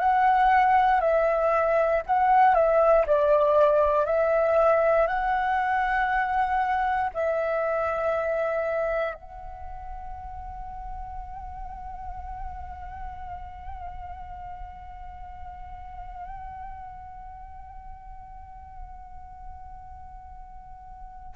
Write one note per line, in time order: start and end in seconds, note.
0.00 1.01 F#5
1.01 2.03 E5
2.07 2.55 F#5
2.55 3.06 E5
3.07 4.06 D5
4.06 5.08 E5
5.08 7.11 F#5
7.14 9.15 E5
9.15 21.35 F#5